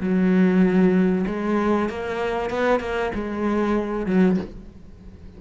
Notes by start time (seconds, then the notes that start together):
0.00 F#3
1.27 G#3
1.89 A#3
2.49 B3
2.80 A#3
3.14 G#3
4.06 F#3